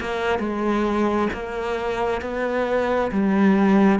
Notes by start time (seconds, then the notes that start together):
0.00 A#3
0.39 G#3
1.33 A#3
2.21 B3
3.11 G3